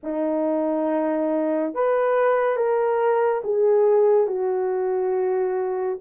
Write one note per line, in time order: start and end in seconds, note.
0.03 1.74 D#4
1.74 2.56 B4
2.56 3.42 A#4
3.44 4.27 G#4
4.27 5.98 F#4